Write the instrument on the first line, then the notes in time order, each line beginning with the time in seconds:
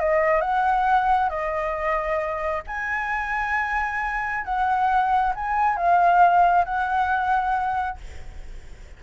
flute
0.00 D#5
0.41 F#5
1.30 D#5
2.67 G#5
4.45 F#5
5.35 G#5
5.77 F5
6.65 F#5